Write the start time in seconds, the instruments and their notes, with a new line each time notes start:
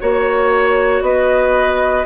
0.00 bassoon A#3, clarinet F#4, oboe C#5, flute C#5
1.01 bassoon B3, oboe B4, flute D#5